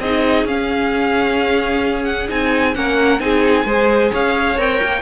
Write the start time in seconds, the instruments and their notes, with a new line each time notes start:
0.00 cello C4, viola D#4, violin G#4 D#5
0.45 cello C#4, viola C#4, violin F5
2.04 violin F#5
2.29 cello C4, viola D#4, violin G#5
2.75 cello A#3, viola C#4, violin A#4 F#5
3.20 cello C4, viola D#4, violin G#4 G#5
3.65 cello G#3, viola G#4, violin C5
4.11 cello C#4, violin C#5 F5
4.57 cello C4, viola A#4, violin G5
4.83 cello A#3